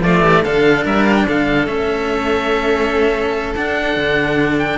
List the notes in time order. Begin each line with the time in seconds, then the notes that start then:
0.00 F3 A3 F4 D5
0.20 E3 G4
0.43 D3 D4 A4 F5
0.84 G3 A#4 E5
1.05 F5
1.15 G5
1.27 D3 A4 F5
1.67 A3 C#4 E5
3.56 D4 F#5
3.96 D3
4.58 G5